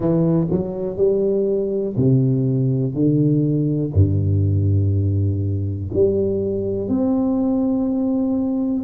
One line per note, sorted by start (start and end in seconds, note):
0.00 0.47 E3
0.50 0.96 F#3
0.96 1.94 G3
1.96 2.94 C3
2.94 3.92 D3
3.93 5.90 G2
5.93 6.88 G3
6.88 8.83 C4